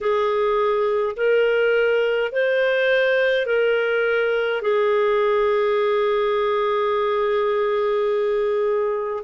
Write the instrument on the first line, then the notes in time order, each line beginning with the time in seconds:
clarinet
0.00 G#4
1.16 A#4
2.32 C5
3.46 A#4
4.62 G#4